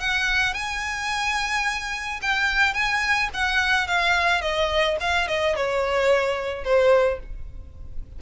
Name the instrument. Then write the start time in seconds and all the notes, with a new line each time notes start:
violin
0.00 F#5
0.54 G#5
2.22 G5
2.74 G#5
3.34 F#5
3.88 F5
4.42 D#5
5.01 F5
5.28 D#5
5.56 C#5
6.64 C5